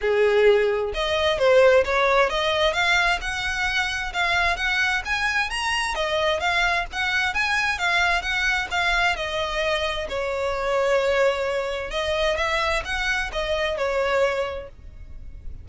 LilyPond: \new Staff \with { instrumentName = "violin" } { \time 4/4 \tempo 4 = 131 gis'2 dis''4 c''4 | cis''4 dis''4 f''4 fis''4~ | fis''4 f''4 fis''4 gis''4 | ais''4 dis''4 f''4 fis''4 |
gis''4 f''4 fis''4 f''4 | dis''2 cis''2~ | cis''2 dis''4 e''4 | fis''4 dis''4 cis''2 | }